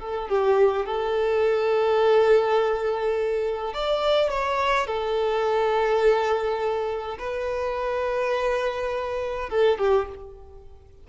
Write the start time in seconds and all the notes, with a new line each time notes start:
0.00 A4
0.29 G4
0.86 A4
3.74 D5
4.30 C#5
4.87 A4
7.19 B4
9.50 A4
9.78 G4